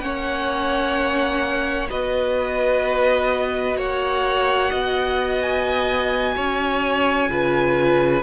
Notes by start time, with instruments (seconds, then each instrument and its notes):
0.00 cello A#3, viola C#4, violin C#5 F#5
1.89 cello B3, viola F#4, violin B4 D#5
3.76 cello A#3, violin C#5 F#5
4.70 cello B3, violin D#5
5.42 violin G#5
6.36 cello C#4, violin C#5
7.29 cello C#3, viola F4, violin B4